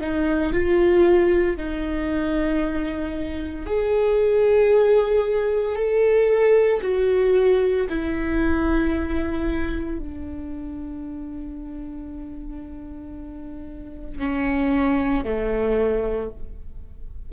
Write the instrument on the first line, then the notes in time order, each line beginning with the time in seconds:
viola
0.00 D#4
0.53 F4
1.57 D#4
3.66 G#4
5.75 A4
6.81 F#4
7.89 E4
9.99 D4
14.19 C#4
15.24 A3